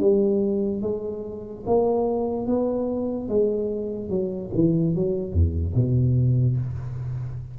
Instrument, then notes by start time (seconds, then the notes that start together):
tuba
0.00 G3
0.82 G#3
1.66 A#3
2.47 B3
3.29 G#3
4.09 F#3
4.54 E3
4.95 F#3
5.33 E2
5.75 B2